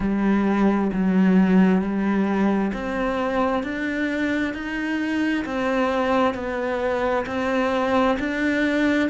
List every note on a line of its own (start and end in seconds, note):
0.00 0.91 G3
0.92 1.81 F#3
1.81 2.72 G3
2.73 3.63 C4
3.63 4.54 D4
4.54 5.45 D#4
5.45 6.34 C4
6.34 7.25 B3
7.26 8.17 C4
8.19 9.09 D4